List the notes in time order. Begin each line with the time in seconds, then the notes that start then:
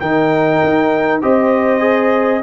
0.00 D#3 D#4 A#4 G5
0.64 D#4
1.22 C4 G4 C5 D#5
1.80 G#4